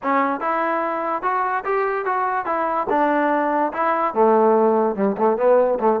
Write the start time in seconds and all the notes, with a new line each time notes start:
0.02 C#4
0.40 E4
1.22 F#4
1.65 G4
2.05 F#4
2.45 E4
2.89 D4
3.72 E4
4.14 A3
4.95 G3
5.17 A3
5.37 B3
5.79 A3